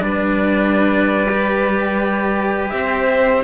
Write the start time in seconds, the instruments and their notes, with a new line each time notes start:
0.00 cello G3 D4, violin B4, trumpet D5
1.29 cello G4
2.69 cello C4, trumpet E5
2.76 violin C5